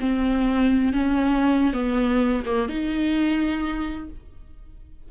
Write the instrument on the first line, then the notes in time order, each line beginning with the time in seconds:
viola
0.00 C4
0.93 C#4
1.73 B3
2.46 A#3
2.69 D#4